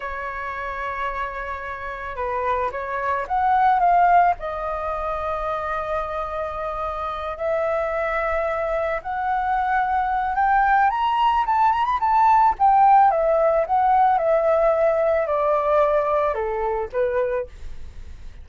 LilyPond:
\new Staff \with { instrumentName = "flute" } { \time 4/4 \tempo 4 = 110 cis''1 | b'4 cis''4 fis''4 f''4 | dis''1~ | dis''4. e''2~ e''8~ |
e''8 fis''2~ fis''8 g''4 | ais''4 a''8 ais''16 b''16 a''4 g''4 | e''4 fis''4 e''2 | d''2 a'4 b'4 | }